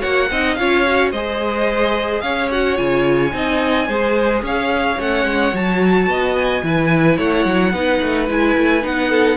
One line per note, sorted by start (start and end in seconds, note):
0.00 0.31 A#3
0.00 0.28 F#4
0.00 0.28 C#5
0.00 0.55 F#5
0.31 0.58 C4
0.31 0.59 D#4
0.31 0.59 D#5
0.55 1.13 C#4
0.55 0.86 F4
0.55 1.12 C#5
0.55 1.10 F5
0.86 1.14 F#4
1.12 2.23 G#3
1.12 2.52 G#4
1.12 2.23 C5
1.12 2.22 D#5
2.22 2.78 C#4
2.22 3.34 C#5
2.22 2.49 F5
2.52 2.76 F#4
2.52 2.78 F#5
2.76 3.34 C#3
2.76 3.31 F4
2.76 4.43 G#5
3.33 3.89 C4
3.33 3.88 D#4
3.33 3.88 D#5
3.88 4.43 G#3
3.88 4.99 G#4
3.88 4.43 C5
4.43 4.98 C#4
4.43 6.09 C#5
4.43 5.01 F5
4.99 5.26 A3
4.99 5.54 C#4
4.99 5.56 F#5
5.26 5.53 G#3
5.54 6.08 F#3
5.54 6.64 F#4
5.54 6.36 A5
6.08 6.63 B3
6.08 6.64 D#5
6.36 7.19 G#5
6.63 7.18 E3
6.63 7.74 E4
6.63 7.18 B4
7.18 7.46 A3
7.18 7.73 C#5
7.18 8.30 F#5
7.46 7.73 F#3
7.73 8.01 B3
7.73 8.28 D#4
7.73 9.10 B4
8.02 8.30 A3
8.28 8.57 G#3
8.28 8.82 E4
8.28 8.86 G#5
8.58 8.85 A3
8.82 9.37 B3
8.82 9.37 D#4
8.82 9.37 F#5
9.10 9.37 A4